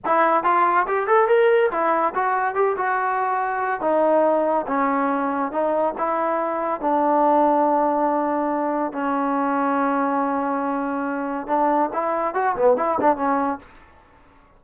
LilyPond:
\new Staff \with { instrumentName = "trombone" } { \time 4/4 \tempo 4 = 141 e'4 f'4 g'8 a'8 ais'4 | e'4 fis'4 g'8 fis'4.~ | fis'4 dis'2 cis'4~ | cis'4 dis'4 e'2 |
d'1~ | d'4 cis'2.~ | cis'2. d'4 | e'4 fis'8 b8 e'8 d'8 cis'4 | }